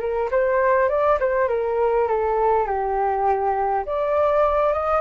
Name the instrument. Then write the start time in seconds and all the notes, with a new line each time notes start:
flute
0.00 A#4
0.31 C5
0.89 D5
1.20 C5
1.49 A#4
2.08 A4
2.67 G4
3.86 D5
4.73 D#5